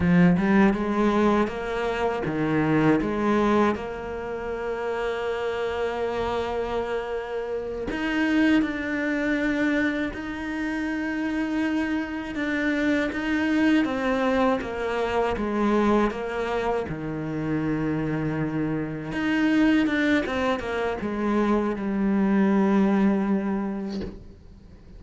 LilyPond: \new Staff \with { instrumentName = "cello" } { \time 4/4 \tempo 4 = 80 f8 g8 gis4 ais4 dis4 | gis4 ais2.~ | ais2~ ais8 dis'4 d'8~ | d'4. dis'2~ dis'8~ |
dis'8 d'4 dis'4 c'4 ais8~ | ais8 gis4 ais4 dis4.~ | dis4. dis'4 d'8 c'8 ais8 | gis4 g2. | }